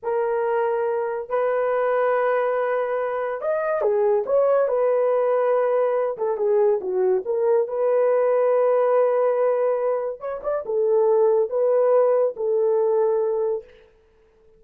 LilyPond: \new Staff \with { instrumentName = "horn" } { \time 4/4 \tempo 4 = 141 ais'2. b'4~ | b'1 | dis''4 gis'4 cis''4 b'4~ | b'2~ b'8 a'8 gis'4 |
fis'4 ais'4 b'2~ | b'1 | cis''8 d''8 a'2 b'4~ | b'4 a'2. | }